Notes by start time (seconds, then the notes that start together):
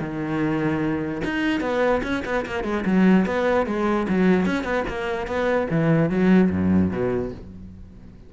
0.00 D#3
1.24 D#4
1.61 B3
2.03 C#4
2.25 B3
2.45 A#3
2.64 G#3
2.85 F#3
3.26 B3
3.66 G#3
4.08 F#3
4.46 C#4
4.63 B3
4.88 A#3
5.27 B3
5.70 E3
6.10 F#3
6.50 F#2
6.91 B2